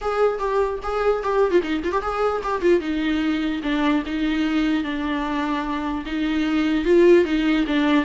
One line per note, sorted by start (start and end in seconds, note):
0.01 0.39 G#4
0.39 0.79 G4
0.83 1.23 G#4
1.23 1.51 G4
1.51 1.61 F4
1.62 1.82 D#4
1.84 1.91 F4
1.91 2.01 G4
2.01 2.42 G#4
2.43 2.61 G4
2.61 2.80 F4
2.80 3.61 D#4
3.62 4.03 D4
4.05 4.83 D#4
4.83 6.04 D4
6.05 6.84 D#4
6.84 7.24 F4
7.24 7.65 D#4
7.67 8.05 D4